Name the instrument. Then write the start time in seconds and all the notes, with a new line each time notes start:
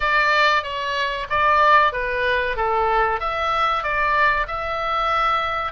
oboe
0.00 D5
0.63 C#5
1.29 D5
1.92 B4
2.56 A4
3.19 E5
3.83 D5
4.47 E5